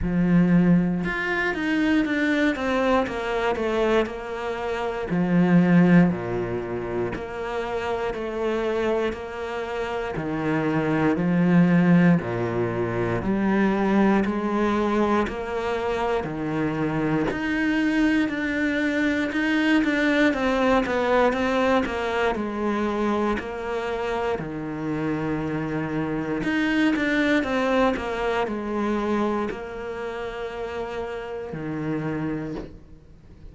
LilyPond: \new Staff \with { instrumentName = "cello" } { \time 4/4 \tempo 4 = 59 f4 f'8 dis'8 d'8 c'8 ais8 a8 | ais4 f4 ais,4 ais4 | a4 ais4 dis4 f4 | ais,4 g4 gis4 ais4 |
dis4 dis'4 d'4 dis'8 d'8 | c'8 b8 c'8 ais8 gis4 ais4 | dis2 dis'8 d'8 c'8 ais8 | gis4 ais2 dis4 | }